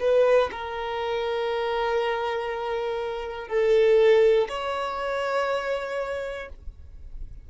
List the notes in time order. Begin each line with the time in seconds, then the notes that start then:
0.00 B4
0.51 A#4
3.48 A4
4.49 C#5